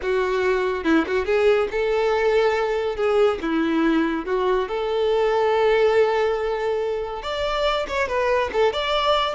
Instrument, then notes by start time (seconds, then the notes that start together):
violin
0.02 F#4
0.84 E4
1.06 F#4
1.25 G#4
1.71 A4
2.96 G#4
3.41 E4
4.25 F#4
4.68 A4
7.22 D5
7.87 C#5
8.08 B4
8.52 A4
8.72 D5